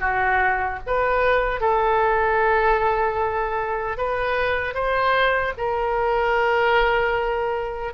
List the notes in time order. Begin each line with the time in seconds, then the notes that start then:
0.00 F#4
0.86 B4
1.60 A4
3.97 B4
4.74 C5
5.57 A#4